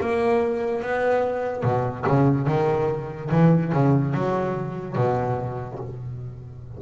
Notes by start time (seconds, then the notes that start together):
0.00 A#3
0.82 B3
1.63 B2
2.07 C#3
2.47 D#3
3.31 E3
3.73 C#3
4.14 F#3
4.95 B2